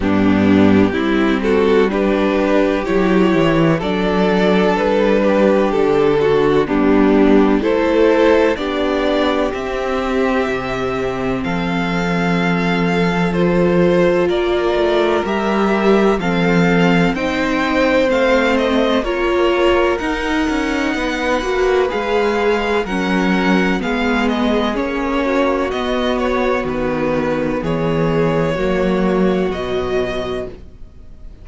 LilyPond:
<<
  \new Staff \with { instrumentName = "violin" } { \time 4/4 \tempo 4 = 63 g'4. a'8 b'4 cis''4 | d''4 b'4 a'4 g'4 | c''4 d''4 e''2 | f''2 c''4 d''4 |
e''4 f''4 g''4 f''8 dis''8 | cis''4 fis''2 f''4 | fis''4 f''8 dis''8 cis''4 dis''8 cis''8 | b'4 cis''2 dis''4 | }
  \new Staff \with { instrumentName = "violin" } { \time 4/4 d'4 e'8 fis'8 g'2 | a'4. g'4 fis'8 d'4 | a'4 g'2. | a'2. ais'4~ |
ais'4 a'4 c''2 | ais'2 b'2 | ais'4 gis'4. fis'4.~ | fis'4 gis'4 fis'2 | }
  \new Staff \with { instrumentName = "viola" } { \time 4/4 b4 c'4 d'4 e'4 | d'2. b4 | e'4 d'4 c'2~ | c'2 f'2 |
g'4 c'4 dis'4 c'4 | f'4 dis'4. fis'8 gis'4 | cis'4 b4 cis'4 b4~ | b2 ais4 fis4 | }
  \new Staff \with { instrumentName = "cello" } { \time 4/4 g,4 g2 fis8 e8 | fis4 g4 d4 g4 | a4 b4 c'4 c4 | f2. ais8 a8 |
g4 f4 c'4 a4 | ais4 dis'8 cis'8 b8 ais8 gis4 | fis4 gis4 ais4 b4 | dis4 e4 fis4 b,4 | }
>>